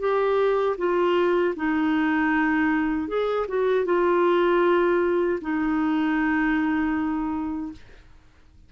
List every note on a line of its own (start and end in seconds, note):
0.00 0.77 G4
0.78 1.55 F4
1.57 3.08 D#4
3.08 3.47 G#4
3.48 3.86 F#4
3.86 5.40 F4
5.42 7.72 D#4